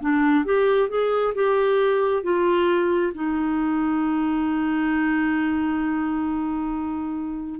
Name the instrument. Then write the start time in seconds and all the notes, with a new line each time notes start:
clarinet
0.00 D4
0.44 G4
0.89 G#4
1.34 G4
2.23 F4
3.14 D#4